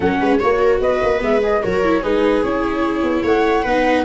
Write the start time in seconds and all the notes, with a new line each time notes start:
0.00 F#3 C#4 A#4 F#5
0.20 G#3 B4
0.39 A#3 F#4 C#5
0.60 A#4
0.80 B3 B4 D#5
1.02 A#3
1.18 G#3 B3 E5
1.42 G#4 D#5
1.62 F#3 F#4 A#4 C#5
1.84 E4
2.01 G#3 D#4 G#4 B4
2.43 C#4 E4 C#5
3.02 B3
3.23 A3 C#5 F#5
3.62 B3 D#4 B4